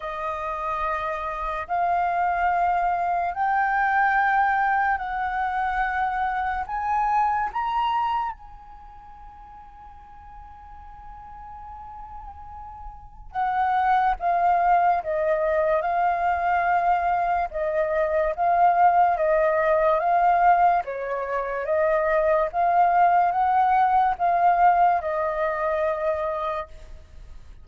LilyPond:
\new Staff \with { instrumentName = "flute" } { \time 4/4 \tempo 4 = 72 dis''2 f''2 | g''2 fis''2 | gis''4 ais''4 gis''2~ | gis''1 |
fis''4 f''4 dis''4 f''4~ | f''4 dis''4 f''4 dis''4 | f''4 cis''4 dis''4 f''4 | fis''4 f''4 dis''2 | }